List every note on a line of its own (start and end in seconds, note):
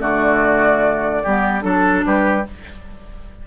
0.00 1.24 D3
0.00 1.22 A3
0.00 1.23 F#4
0.00 1.61 D5
1.23 1.63 G3
1.23 1.61 B3
1.23 1.64 G4
1.61 2.04 F#3
1.61 2.43 D4
1.61 2.02 A4
1.61 2.05 A4
2.05 2.46 G3
2.05 2.47 G4
2.05 2.47 B4